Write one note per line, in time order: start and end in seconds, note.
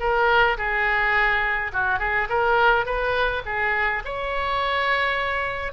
0.00 0.57 A#4
0.58 1.72 G#4
1.73 1.99 F#4
1.99 2.28 G#4
2.29 2.85 A#4
2.85 3.43 B4
3.46 4.03 G#4
4.05 5.73 C#5